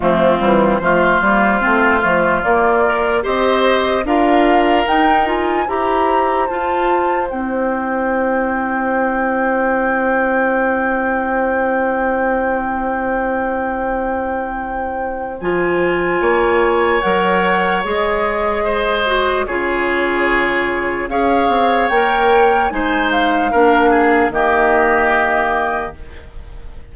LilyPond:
<<
  \new Staff \with { instrumentName = "flute" } { \time 4/4 \tempo 4 = 74 f'4 c''2 d''4 | dis''4 f''4 g''8 gis''8 ais''4 | a''4 g''2.~ | g''1~ |
g''2. gis''4~ | gis''4 fis''4 dis''2 | cis''2 f''4 g''4 | gis''8 f''4. dis''2 | }
  \new Staff \with { instrumentName = "oboe" } { \time 4/4 c'4 f'2. | c''4 ais'2 c''4~ | c''1~ | c''1~ |
c''1 | cis''2. c''4 | gis'2 cis''2 | c''4 ais'8 gis'8 g'2 | }
  \new Staff \with { instrumentName = "clarinet" } { \time 4/4 a8 g8 a8 ais8 c'8 a8 ais8 ais'8 | g'4 f'4 dis'8 f'8 g'4 | f'4 e'2.~ | e'1~ |
e'2. f'4~ | f'4 ais'4 gis'4. fis'8 | f'2 gis'4 ais'4 | dis'4 d'4 ais2 | }
  \new Staff \with { instrumentName = "bassoon" } { \time 4/4 f8 e8 f8 g8 a8 f8 ais4 | c'4 d'4 dis'4 e'4 | f'4 c'2.~ | c'1~ |
c'2. f4 | ais4 fis4 gis2 | cis2 cis'8 c'8 ais4 | gis4 ais4 dis2 | }
>>